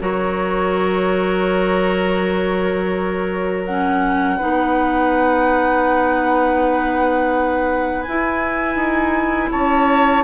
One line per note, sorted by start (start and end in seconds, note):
0.00 4.40 F#3
0.00 3.66 F#4
0.00 4.37 A#4
0.00 3.65 C#5
3.65 4.40 C#4
3.65 8.03 F#5
4.37 8.05 D#4
4.37 9.50 B4
4.44 8.07 B3
8.03 8.76 E4
8.03 10.25 E4
8.03 9.49 G#5
8.76 9.49 D#4
9.52 10.25 C#4
9.52 10.25 C#5
9.52 10.25 A5